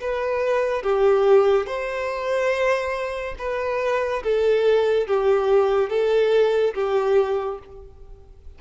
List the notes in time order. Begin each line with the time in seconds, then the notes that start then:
0.00 B4
0.82 G4
1.66 C5
3.38 B4
4.23 A4
5.07 G4
5.89 A4
6.74 G4